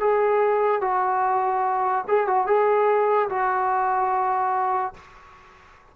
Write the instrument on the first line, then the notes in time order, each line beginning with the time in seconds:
trombone
0.00 G#4
0.81 F#4
2.08 G#4
2.28 F#4
2.47 G#4
3.29 F#4